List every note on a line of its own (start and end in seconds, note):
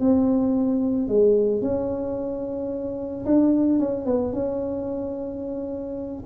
0.00 1.08 C4
1.08 1.61 G#3
1.61 3.25 C#4
3.25 3.79 D4
3.79 4.06 C#4
4.06 4.33 B3
4.33 6.24 C#4